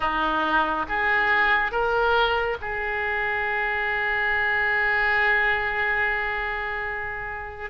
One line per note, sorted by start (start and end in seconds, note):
0.00 0.86 D#4
0.88 1.71 G#4
1.71 2.57 A#4
2.61 7.70 G#4